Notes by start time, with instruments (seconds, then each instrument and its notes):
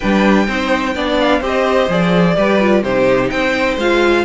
0.00 cello G3, viola D4, violin B4 G5
0.47 cello C4, viola D#4, violin C5
0.95 cello B3, viola D4, violin D5
1.19 violin F5
1.40 cello C4, viola G4, violin C5 D#5
1.88 cello F3, viola G#4, violin D5
2.36 cello G3, viola G4, violin B4
2.60 viola F4
2.83 cello C3, viola D#4, violin G4 C5
3.30 cello C4, violin C5 G5
3.77 cello G#3, viola F4, violin F5